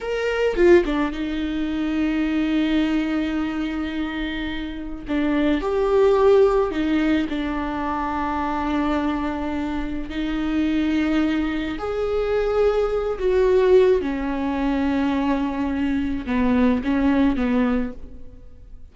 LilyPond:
\new Staff \with { instrumentName = "viola" } { \time 4/4 \tempo 4 = 107 ais'4 f'8 d'8 dis'2~ | dis'1~ | dis'4 d'4 g'2 | dis'4 d'2.~ |
d'2 dis'2~ | dis'4 gis'2~ gis'8 fis'8~ | fis'4 cis'2.~ | cis'4 b4 cis'4 b4 | }